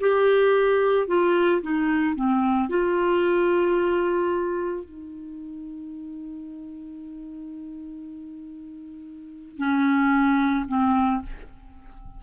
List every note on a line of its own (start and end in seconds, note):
0.00 1.07 G4
1.07 1.61 F4
1.62 2.15 D#4
2.15 2.69 C4
2.69 4.85 F4
4.85 9.58 D#4
9.58 10.66 C#4
10.68 11.22 C4